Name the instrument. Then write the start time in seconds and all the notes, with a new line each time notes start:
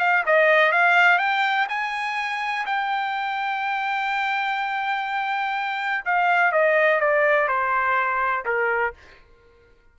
trumpet
0.00 F5
0.26 D#5
0.73 F5
1.19 G5
1.69 G#5
2.66 G5
6.06 F5
6.52 D#5
7.01 D5
7.48 C5
8.45 A#4